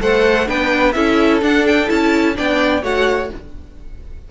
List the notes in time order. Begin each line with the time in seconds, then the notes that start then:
0.00 A3 A4 C5 F#5
0.46 B3 D4 B4 G5
0.92 C#4 E4 A4 E5
1.42 D4 F#5
1.66 G5
1.87 C#4 E4 A5
2.34 B3 D4 D5 G5
2.82 A3 F#4 C#5 F#5